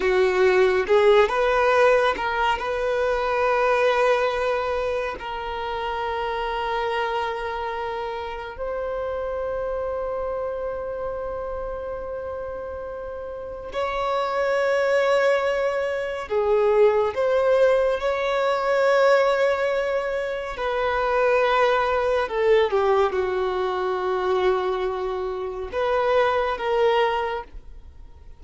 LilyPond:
\new Staff \with { instrumentName = "violin" } { \time 4/4 \tempo 4 = 70 fis'4 gis'8 b'4 ais'8 b'4~ | b'2 ais'2~ | ais'2 c''2~ | c''1 |
cis''2. gis'4 | c''4 cis''2. | b'2 a'8 g'8 fis'4~ | fis'2 b'4 ais'4 | }